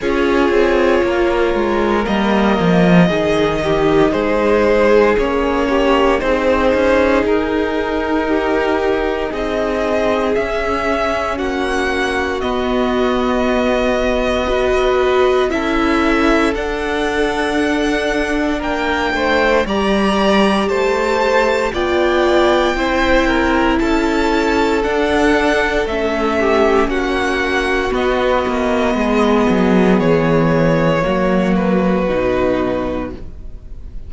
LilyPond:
<<
  \new Staff \with { instrumentName = "violin" } { \time 4/4 \tempo 4 = 58 cis''2 dis''2 | c''4 cis''4 c''4 ais'4~ | ais'4 dis''4 e''4 fis''4 | dis''2. e''4 |
fis''2 g''4 ais''4 | a''4 g''2 a''4 | fis''4 e''4 fis''4 dis''4~ | dis''4 cis''4. b'4. | }
  \new Staff \with { instrumentName = "violin" } { \time 4/4 gis'4 ais'2 gis'8 g'8 | gis'4. g'8 gis'2 | g'4 gis'2 fis'4~ | fis'2 b'4 a'4~ |
a'2 ais'8 c''8 d''4 | c''4 d''4 c''8 ais'8 a'4~ | a'4. g'8 fis'2 | gis'2 fis'2 | }
  \new Staff \with { instrumentName = "viola" } { \time 4/4 f'2 ais4 dis'4~ | dis'4 cis'4 dis'2~ | dis'2 cis'2 | b2 fis'4 e'4 |
d'2. g'4~ | g'4 f'4 e'2 | d'4 cis'2 b4~ | b2 ais4 dis'4 | }
  \new Staff \with { instrumentName = "cello" } { \time 4/4 cis'8 c'8 ais8 gis8 g8 f8 dis4 | gis4 ais4 c'8 cis'8 dis'4~ | dis'4 c'4 cis'4 ais4 | b2. cis'4 |
d'2 ais8 a8 g4 | a4 b4 c'4 cis'4 | d'4 a4 ais4 b8 ais8 | gis8 fis8 e4 fis4 b,4 | }
>>